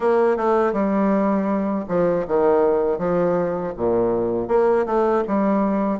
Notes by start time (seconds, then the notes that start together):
0.00 A#3
0.36 A3
0.73 G3
1.88 F3
2.27 D#3
2.98 F3
3.76 A#2
4.48 A#3
4.86 A3
5.27 G3